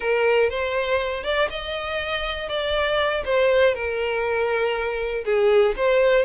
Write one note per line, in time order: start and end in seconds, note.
0.00 0.49 A#4
0.49 1.23 C5
1.23 1.48 D5
1.50 2.48 D#5
2.48 3.23 D5
3.25 3.74 C5
3.74 5.24 A#4
5.24 5.74 G#4
5.76 6.25 C5